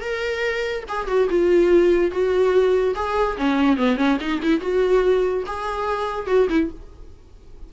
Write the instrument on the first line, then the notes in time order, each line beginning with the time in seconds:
viola
0.00 A#4
0.88 G#4
1.07 F#4
1.29 F4
2.11 F#4
2.95 G#4
3.37 C#4
3.76 B3
3.96 C#4
4.20 D#4
4.42 E4
4.60 F#4
5.46 G#4
6.27 F#4
6.49 E4